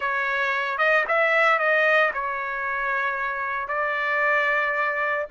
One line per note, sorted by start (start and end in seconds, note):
0.00 0.78 C#5
0.78 1.04 D#5
1.08 1.58 E5
1.58 2.11 D#5
2.13 3.67 C#5
3.67 5.25 D5